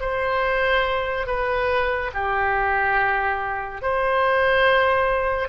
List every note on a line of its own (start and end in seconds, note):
0.00 1.26 C5
1.26 2.11 B4
2.14 3.82 G4
3.82 5.49 C5